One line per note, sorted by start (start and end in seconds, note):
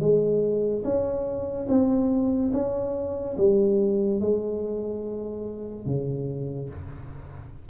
0.00 0.83 G#3
0.84 1.67 C#4
1.68 2.52 C4
2.53 3.36 C#4
3.37 4.20 G3
4.20 5.86 G#3
5.86 6.69 C#3